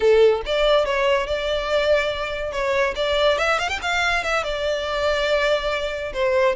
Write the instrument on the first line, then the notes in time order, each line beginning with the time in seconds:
violin
0.00 A4
0.45 D5
0.85 C#5
1.26 D5
2.52 C#5
2.95 D5
3.38 E5
3.58 F5
3.68 G5
3.82 F5
4.23 E5
4.43 D5
6.13 C5